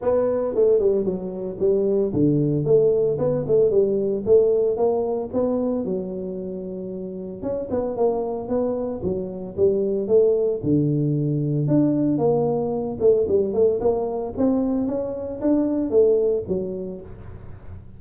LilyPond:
\new Staff \with { instrumentName = "tuba" } { \time 4/4 \tempo 4 = 113 b4 a8 g8 fis4 g4 | d4 a4 b8 a8 g4 | a4 ais4 b4 fis4~ | fis2 cis'8 b8 ais4 |
b4 fis4 g4 a4 | d2 d'4 ais4~ | ais8 a8 g8 a8 ais4 c'4 | cis'4 d'4 a4 fis4 | }